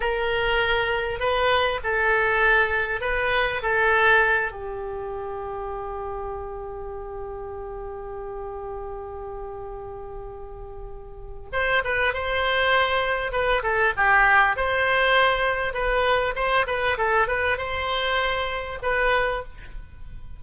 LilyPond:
\new Staff \with { instrumentName = "oboe" } { \time 4/4 \tempo 4 = 99 ais'2 b'4 a'4~ | a'4 b'4 a'4. g'8~ | g'1~ | g'1~ |
g'2. c''8 b'8 | c''2 b'8 a'8 g'4 | c''2 b'4 c''8 b'8 | a'8 b'8 c''2 b'4 | }